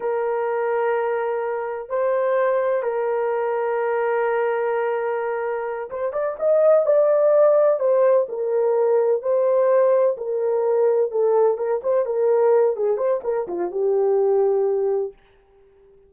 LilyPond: \new Staff \with { instrumentName = "horn" } { \time 4/4 \tempo 4 = 127 ais'1 | c''2 ais'2~ | ais'1~ | ais'8 c''8 d''8 dis''4 d''4.~ |
d''8 c''4 ais'2 c''8~ | c''4. ais'2 a'8~ | a'8 ais'8 c''8 ais'4. gis'8 c''8 | ais'8 f'8 g'2. | }